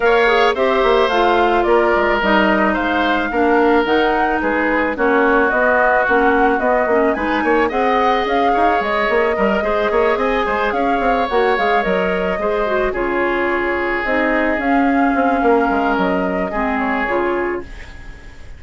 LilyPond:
<<
  \new Staff \with { instrumentName = "flute" } { \time 4/4 \tempo 4 = 109 f''4 e''4 f''4 d''4 | dis''4 f''2 fis''4 | b'4 cis''4 dis''4 fis''4 | dis''4 gis''4 fis''4 f''4 |
dis''2~ dis''8 gis''4 f''8~ | f''8 fis''8 f''8 dis''2 cis''8~ | cis''4. dis''4 f''4.~ | f''4 dis''4. cis''4. | }
  \new Staff \with { instrumentName = "oboe" } { \time 4/4 cis''4 c''2 ais'4~ | ais'4 c''4 ais'2 | gis'4 fis'2.~ | fis'4 b'8 cis''8 dis''4. cis''8~ |
cis''4 ais'8 c''8 cis''8 dis''8 c''8 cis''8~ | cis''2~ cis''8 c''4 gis'8~ | gis'1 | ais'2 gis'2 | }
  \new Staff \with { instrumentName = "clarinet" } { \time 4/4 ais'8 gis'8 g'4 f'2 | dis'2 d'4 dis'4~ | dis'4 cis'4 b4 cis'4 | b8 cis'8 dis'4 gis'2~ |
gis'4 ais'8 gis'2~ gis'8~ | gis'8 fis'8 gis'8 ais'4 gis'8 fis'8 f'8~ | f'4. dis'4 cis'4.~ | cis'2 c'4 f'4 | }
  \new Staff \with { instrumentName = "bassoon" } { \time 4/4 ais4 c'8 ais8 a4 ais8 gis8 | g4 gis4 ais4 dis4 | gis4 ais4 b4 ais4 | b8 ais8 gis8 ais8 c'4 cis'8 dis'8 |
gis8 ais8 g8 gis8 ais8 c'8 gis8 cis'8 | c'8 ais8 gis8 fis4 gis4 cis8~ | cis4. c'4 cis'4 c'8 | ais8 gis8 fis4 gis4 cis4 | }
>>